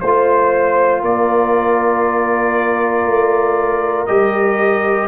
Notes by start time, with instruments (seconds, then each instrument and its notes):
0.00 tuba A3, trombone F4, trumpet C5, horn C5
1.02 tuba A#3, horn A#4, trumpet D5
3.05 tuba A3
4.06 tuba G3, trombone G4, trumpet D#5